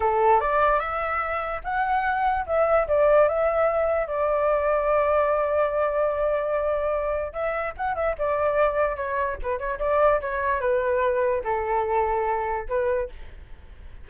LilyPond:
\new Staff \with { instrumentName = "flute" } { \time 4/4 \tempo 4 = 147 a'4 d''4 e''2 | fis''2 e''4 d''4 | e''2 d''2~ | d''1~ |
d''2 e''4 fis''8 e''8 | d''2 cis''4 b'8 cis''8 | d''4 cis''4 b'2 | a'2. b'4 | }